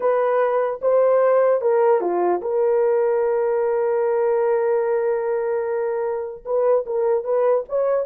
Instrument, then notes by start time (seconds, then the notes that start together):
horn
0.00 B4
0.81 C5
1.61 A#4
2.00 F4
2.41 A#4
6.45 B4
6.86 A#4
7.24 B4
7.68 C#5